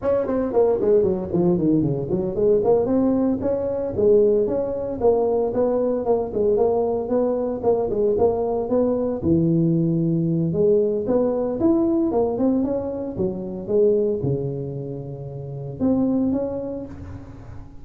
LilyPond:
\new Staff \with { instrumentName = "tuba" } { \time 4/4 \tempo 4 = 114 cis'8 c'8 ais8 gis8 fis8 f8 dis8 cis8 | fis8 gis8 ais8 c'4 cis'4 gis8~ | gis8 cis'4 ais4 b4 ais8 | gis8 ais4 b4 ais8 gis8 ais8~ |
ais8 b4 e2~ e8 | gis4 b4 e'4 ais8 c'8 | cis'4 fis4 gis4 cis4~ | cis2 c'4 cis'4 | }